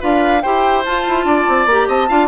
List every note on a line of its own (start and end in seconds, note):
0.00 0.44 D4
0.00 0.41 F4
0.00 0.42 B4
0.00 0.41 F5
0.41 0.85 E4
0.41 0.85 G4
0.41 1.25 C5
0.41 0.82 G5
0.85 1.06 F4
0.85 1.68 F4
0.85 1.66 A5
1.07 1.24 E4
1.24 1.45 D4
1.24 1.88 D5
1.48 1.66 C4
1.66 1.86 A#3
1.66 2.08 G4
1.66 1.87 A#5
1.88 2.08 C4
1.88 2.08 D#5
1.88 2.27 A5
2.08 2.27 D4
2.08 2.27 F4
2.08 2.27 F5